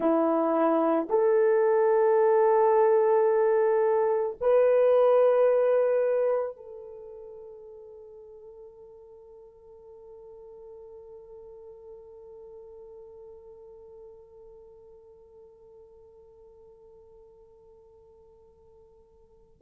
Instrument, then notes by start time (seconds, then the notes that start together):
horn
0.00 E4
1.09 A4
4.40 B4
6.56 A4